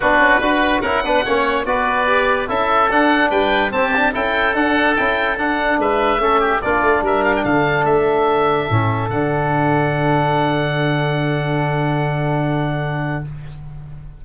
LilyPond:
<<
  \new Staff \with { instrumentName = "oboe" } { \time 4/4 \tempo 4 = 145 b'2 fis''2 | d''2 e''4 fis''4 | g''4 a''4 g''4 fis''4 | g''4 fis''4 e''2 |
d''4 e''8 f''16 g''16 f''4 e''4~ | e''2 fis''2~ | fis''1~ | fis''1 | }
  \new Staff \with { instrumentName = "oboe" } { \time 4/4 fis'4 b'4 ais'8 b'8 cis''4 | b'2 a'2 | b'4 g'4 a'2~ | a'2 b'4 a'8 g'8 |
f'4 ais'4 a'2~ | a'1~ | a'1~ | a'1 | }
  \new Staff \with { instrumentName = "trombone" } { \time 4/4 d'4 fis'4 e'8 d'8 cis'4 | fis'4 g'4 e'4 d'4~ | d'4 c'8 d'8 e'4 d'4 | e'4 d'2 cis'4 |
d'1~ | d'4 cis'4 d'2~ | d'1~ | d'1 | }
  \new Staff \with { instrumentName = "tuba" } { \time 4/4 b8 cis'8 d'4 cis'8 b8 ais4 | b2 cis'4 d'4 | g4 c'4 cis'4 d'4 | cis'4 d'4 gis4 a4 |
ais8 a8 g4 d4 a4~ | a4 a,4 d2~ | d1~ | d1 | }
>>